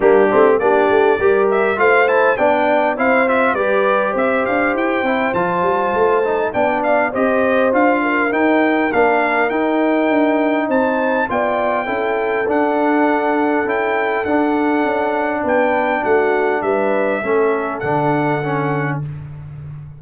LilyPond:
<<
  \new Staff \with { instrumentName = "trumpet" } { \time 4/4 \tempo 4 = 101 g'4 d''4. e''8 f''8 a''8 | g''4 f''8 e''8 d''4 e''8 f''8 | g''4 a''2 g''8 f''8 | dis''4 f''4 g''4 f''4 |
g''2 a''4 g''4~ | g''4 fis''2 g''4 | fis''2 g''4 fis''4 | e''2 fis''2 | }
  \new Staff \with { instrumentName = "horn" } { \time 4/4 d'4 g'4 ais'4 c''4 | d''4 c''4 b'4 c''4~ | c''2. d''4 | c''4. ais'2~ ais'8~ |
ais'2 c''4 d''4 | a'1~ | a'2 b'4 fis'4 | b'4 a'2. | }
  \new Staff \with { instrumentName = "trombone" } { \time 4/4 ais8 c'8 d'4 g'4 f'8 e'8 | d'4 e'8 f'8 g'2~ | g'8 e'8 f'4. dis'8 d'4 | g'4 f'4 dis'4 d'4 |
dis'2. f'4 | e'4 d'2 e'4 | d'1~ | d'4 cis'4 d'4 cis'4 | }
  \new Staff \with { instrumentName = "tuba" } { \time 4/4 g8 a8 ais8 a8 g4 a4 | b4 c'4 g4 c'8 d'8 | e'8 c'8 f8 g8 a4 b4 | c'4 d'4 dis'4 ais4 |
dis'4 d'4 c'4 b4 | cis'4 d'2 cis'4 | d'4 cis'4 b4 a4 | g4 a4 d2 | }
>>